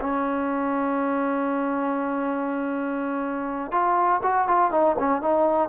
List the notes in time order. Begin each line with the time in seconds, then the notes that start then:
0.00 C#4
3.71 F4
4.22 F#4
4.47 F4
4.71 D#4
4.99 C#4
5.21 D#4